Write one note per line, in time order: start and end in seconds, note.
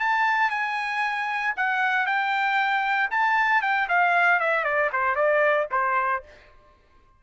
0.00 0.50 A5
0.50 1.54 G#5
1.57 2.06 F#5
2.06 3.10 G5
3.11 3.62 A5
3.62 3.88 G5
3.89 4.40 F5
4.40 4.64 E5
4.64 4.90 D5
4.93 5.16 C5
5.16 5.67 D5
5.71 6.23 C5